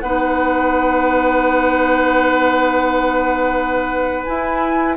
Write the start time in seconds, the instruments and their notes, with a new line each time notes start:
0.00 bassoon B3, clarinet D#4, oboe B4, flute F#5
4.24 clarinet E4, bassoon E4, flute G#5